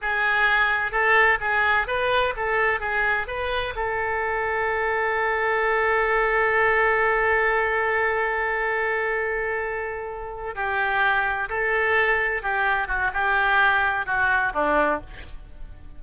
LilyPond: \new Staff \with { instrumentName = "oboe" } { \time 4/4 \tempo 4 = 128 gis'2 a'4 gis'4 | b'4 a'4 gis'4 b'4 | a'1~ | a'1~ |
a'1~ | a'2~ a'8 g'4.~ | g'8 a'2 g'4 fis'8 | g'2 fis'4 d'4 | }